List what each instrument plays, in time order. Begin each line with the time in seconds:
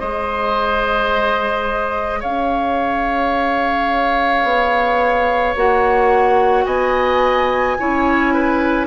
0.00 bassoon G#3, clarinet G#4, oboe C5, flute D#5
2.20 bassoon C#4, oboe C#5, flute F5
4.44 bassoon B3
5.56 bassoon A#3, clarinet F#4, flute F#5
6.65 bassoon B3, oboe D#5, flute G#5
7.79 bassoon C#4, clarinet E4, oboe C#5
8.34 oboe B4